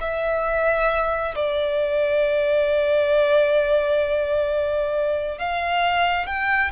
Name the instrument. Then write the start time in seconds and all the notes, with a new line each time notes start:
violin
0.00 E5
1.35 D5
5.38 F5
6.26 G5